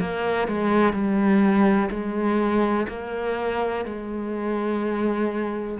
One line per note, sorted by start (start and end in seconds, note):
0.00 0.48 A#3
0.48 0.92 G#3
0.92 1.89 G3
1.90 2.87 G#3
2.88 3.85 A#3
3.85 5.78 G#3